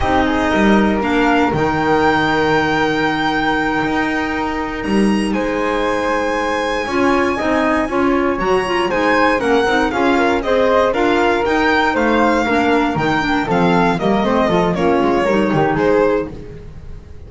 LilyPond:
<<
  \new Staff \with { instrumentName = "violin" } { \time 4/4 \tempo 4 = 118 dis''2 f''4 g''4~ | g''1~ | g''4. ais''4 gis''4.~ | gis''1~ |
gis''8 ais''4 gis''4 fis''4 f''8~ | f''8 dis''4 f''4 g''4 f''8~ | f''4. g''4 f''4 dis''8~ | dis''4 cis''2 c''4 | }
  \new Staff \with { instrumentName = "flute" } { \time 4/4 g'8 gis'8 ais'2.~ | ais'1~ | ais'2~ ais'8 c''4.~ | c''4. cis''4 dis''4 cis''8~ |
cis''4. c''4 ais'4 gis'8 | ais'8 c''4 ais'2 c''8~ | c''8 ais'2 a'4 ais'8 | c''8 a'8 f'4 ais'8 g'8 gis'4 | }
  \new Staff \with { instrumentName = "clarinet" } { \time 4/4 dis'2 d'4 dis'4~ | dis'1~ | dis'1~ | dis'4. f'4 dis'4 f'8~ |
f'8 fis'8 f'8 dis'4 cis'8 dis'8 f'8~ | f'8 gis'4 f'4 dis'4.~ | dis'8 d'4 dis'8 d'8 c'4 ais8 | c'8 f'8 cis'4 dis'2 | }
  \new Staff \with { instrumentName = "double bass" } { \time 4/4 c'4 g4 ais4 dis4~ | dis2.~ dis8 dis'8~ | dis'4. g4 gis4.~ | gis4. cis'4 c'4 cis'8~ |
cis'8 fis4 gis4 ais8 c'8 cis'8~ | cis'8 c'4 d'4 dis'4 a8~ | a8 ais4 dis4 f4 g8 | a8 f8 ais8 gis8 g8 dis8 gis4 | }
>>